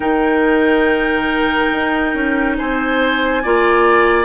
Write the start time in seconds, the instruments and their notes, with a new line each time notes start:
0.00 bassoon D#3, clarinet D#4, oboe A#4, flute G5
1.71 bassoon D#4
2.14 bassoon C#4
2.57 bassoon C4, oboe C5, flute G#5
3.42 bassoon A#3, clarinet F4, oboe D5